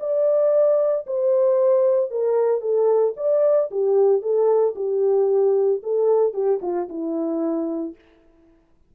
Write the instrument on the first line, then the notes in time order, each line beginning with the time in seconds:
horn
0.00 D5
1.07 C5
2.11 A#4
2.61 A4
3.17 D5
3.71 G4
4.22 A4
4.76 G4
5.83 A4
6.34 G4
6.62 F4
6.89 E4